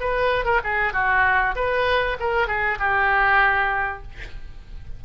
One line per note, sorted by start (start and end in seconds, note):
0.00 0.45 B4
0.45 0.60 A#4
0.64 0.93 G#4
0.93 1.55 F#4
1.55 2.17 B4
2.20 2.47 A#4
2.47 2.78 G#4
2.79 4.03 G4